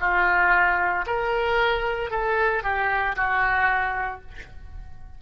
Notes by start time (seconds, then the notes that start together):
0.00 F4
1.07 A#4
2.11 A4
2.63 G4
3.16 F#4